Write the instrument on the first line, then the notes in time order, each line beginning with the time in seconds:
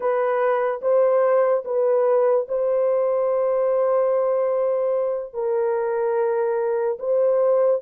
horn
0.00 B4
0.81 C5
1.64 B4
2.48 C5
5.33 A#4
6.99 C5